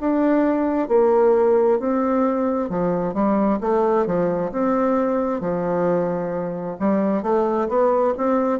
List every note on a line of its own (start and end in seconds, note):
0.00 0.88 D4
0.88 1.79 A#3
1.79 2.69 C4
2.69 3.14 F3
3.14 3.59 G3
3.60 4.06 A3
4.06 4.51 F3
4.52 5.40 C4
5.40 6.77 F3
6.79 7.23 G3
7.23 7.68 A3
7.68 8.14 B3
8.17 8.60 C4